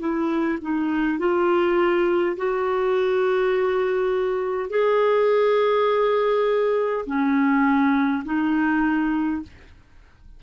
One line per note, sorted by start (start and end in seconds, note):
0.00 0.59 E4
0.61 1.19 D#4
1.19 2.36 F4
2.37 4.70 F#4
4.70 7.05 G#4
7.06 8.24 C#4
8.25 9.42 D#4